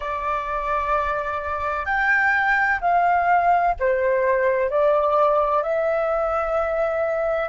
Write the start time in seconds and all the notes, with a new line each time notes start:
0.00 D5
1.85 G5
2.80 F5
3.79 C5
4.70 D5
5.62 E5